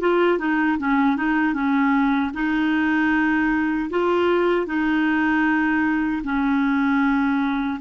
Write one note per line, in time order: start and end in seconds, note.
0.00 0.39 F4
0.39 0.78 D#4
0.79 1.17 C#4
1.17 1.53 D#4
1.53 2.31 C#4
2.34 3.90 D#4
3.90 4.66 F4
4.66 6.22 D#4
6.23 7.79 C#4